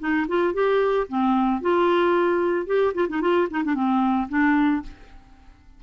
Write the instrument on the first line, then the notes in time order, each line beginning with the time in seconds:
clarinet
0.00 D#4
0.28 F4
0.54 G4
1.09 C4
1.62 F4
2.67 G4
2.95 F4
3.09 D#4
3.22 F4
3.51 D#4
3.65 D4
3.75 C4
4.29 D4